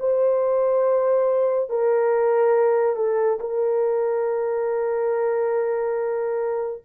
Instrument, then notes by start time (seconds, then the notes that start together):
horn
0.00 C5
1.70 A#4
2.96 A4
3.40 A#4